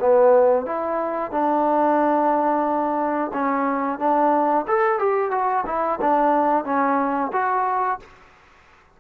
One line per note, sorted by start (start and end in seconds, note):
0.00 0.66 B3
0.66 1.31 E4
1.31 3.31 D4
3.33 3.99 C#4
3.99 4.65 D4
4.67 4.99 A4
4.99 5.31 G4
5.31 5.65 F#4
5.66 5.99 E4
6.01 6.65 D4
6.65 7.32 C#4
7.33 7.99 F#4